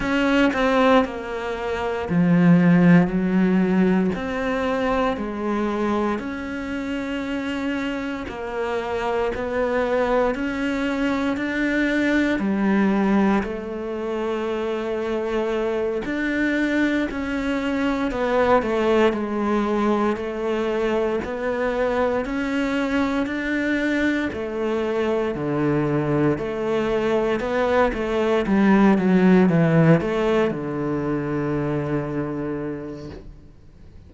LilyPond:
\new Staff \with { instrumentName = "cello" } { \time 4/4 \tempo 4 = 58 cis'8 c'8 ais4 f4 fis4 | c'4 gis4 cis'2 | ais4 b4 cis'4 d'4 | g4 a2~ a8 d'8~ |
d'8 cis'4 b8 a8 gis4 a8~ | a8 b4 cis'4 d'4 a8~ | a8 d4 a4 b8 a8 g8 | fis8 e8 a8 d2~ d8 | }